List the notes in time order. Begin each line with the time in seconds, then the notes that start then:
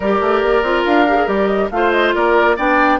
0.00 G3 G4 A#4 D5
0.21 A3
0.42 A#3
0.62 C4 F4
0.85 D4 F5
1.07 G4
1.16 G#4
1.27 G3 G4 D5
1.47 D#5
1.70 A3 F4 C5 F5
1.91 D#5
2.14 A#3 A#4 D5
2.56 B3 D4 D5 G5